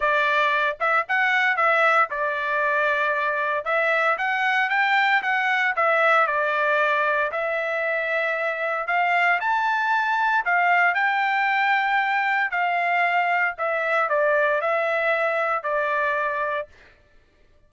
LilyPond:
\new Staff \with { instrumentName = "trumpet" } { \time 4/4 \tempo 4 = 115 d''4. e''8 fis''4 e''4 | d''2. e''4 | fis''4 g''4 fis''4 e''4 | d''2 e''2~ |
e''4 f''4 a''2 | f''4 g''2. | f''2 e''4 d''4 | e''2 d''2 | }